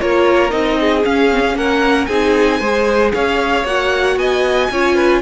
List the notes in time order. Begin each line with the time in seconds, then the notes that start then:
0.00 A#3 F4 A#4 C#5
0.50 C4 D#4 D#5
0.80 G#4
1.04 C#4 F5
1.31 C4
1.43 C#4
1.55 A#3 A#4 F#5
2.06 C4 D#4 G#4 G#5
2.60 G#3 G#4 C5
3.14 C#4 C#5 F5
3.64 A#3 F#4 F#5
4.16 B3 D#5 G#5
4.70 C#4 F4 C#5
4.95 B4